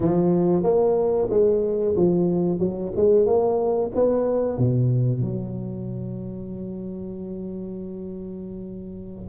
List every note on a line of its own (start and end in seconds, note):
0.00 0.63 F3
0.63 1.28 A#3
1.30 1.95 G#3
1.96 2.59 F3
2.59 2.92 F#3
2.96 3.25 G#3
3.25 3.91 A#3
3.94 4.57 B3
4.57 5.21 B2
5.21 9.28 F#3